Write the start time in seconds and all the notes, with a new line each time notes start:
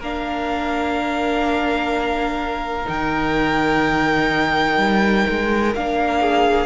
0.00 A#3 D4 A#4 F5
2.84 D#3 D#4 G5
4.78 G3
5.29 G#3
5.75 A#3 D4 F5
6.21 G#4